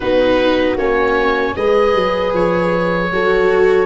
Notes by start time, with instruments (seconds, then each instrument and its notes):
0.00 tuba B3, viola D#4, horn F#4, oboe B4
0.76 tuba A#3, viola C#4, oboe C#5
1.55 tuba G#3, viola G#4, horn B4, oboe D#5
1.94 tuba F#3
2.33 tuba F3, oboe C#5
3.12 tuba F#3, viola F#4, horn A4